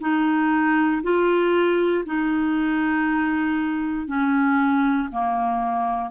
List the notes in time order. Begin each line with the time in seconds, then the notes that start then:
0.00 D#4
1.03 F4
2.05 D#4
4.07 C#4
5.11 A#3